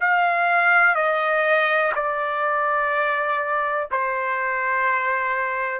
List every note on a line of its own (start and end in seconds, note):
0.00 0.95 F5
0.95 1.92 D#5
1.95 3.88 D5
3.91 5.80 C5